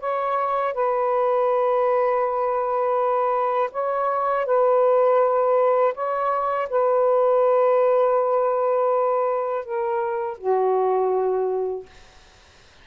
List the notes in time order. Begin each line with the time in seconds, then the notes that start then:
0.00 C#5
0.74 B4
3.72 C#5
4.46 B4
5.94 C#5
6.70 B4
9.65 A#4
10.38 F#4